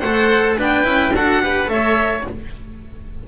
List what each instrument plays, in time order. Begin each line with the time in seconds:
0.00 double bass A3, cello A4, oboe C5, violin F#5
0.58 double bass B3, cello D4, oboe B4, violin G5
0.84 double bass C#4, cello E4
1.13 double bass D4, cello F#4, oboe A4, violin F#5
1.42 cello G4, oboe B4
1.66 double bass A3, cello A4, oboe C#5, violin E5